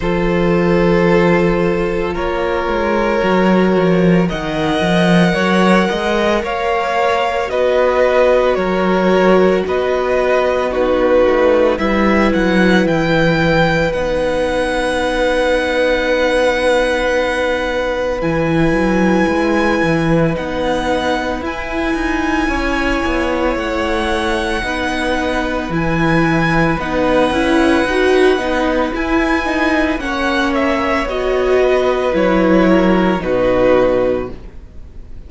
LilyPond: <<
  \new Staff \with { instrumentName = "violin" } { \time 4/4 \tempo 4 = 56 c''2 cis''2 | fis''2 f''4 dis''4 | cis''4 dis''4 b'4 e''8 fis''8 | g''4 fis''2.~ |
fis''4 gis''2 fis''4 | gis''2 fis''2 | gis''4 fis''2 gis''4 | fis''8 e''8 dis''4 cis''4 b'4 | }
  \new Staff \with { instrumentName = "violin" } { \time 4/4 a'2 ais'2 | dis''4 cis''8 dis''8 cis''4 b'4 | ais'4 b'4 fis'4 b'4~ | b'1~ |
b'1~ | b'4 cis''2 b'4~ | b'1 | cis''4. b'4 ais'8 fis'4 | }
  \new Staff \with { instrumentName = "viola" } { \time 4/4 f'2. fis'4 | ais'2. fis'4~ | fis'2 dis'4 e'4~ | e'4 dis'2.~ |
dis'4 e'2 dis'4 | e'2. dis'4 | e'4 dis'8 e'8 fis'8 dis'8 e'8 dis'8 | cis'4 fis'4 e'4 dis'4 | }
  \new Staff \with { instrumentName = "cello" } { \time 4/4 f2 ais8 gis8 fis8 f8 | dis8 f8 fis8 gis8 ais4 b4 | fis4 b4. a8 g8 fis8 | e4 b2.~ |
b4 e8 fis8 gis8 e8 b4 | e'8 dis'8 cis'8 b8 a4 b4 | e4 b8 cis'8 dis'8 b8 e'4 | ais4 b4 fis4 b,4 | }
>>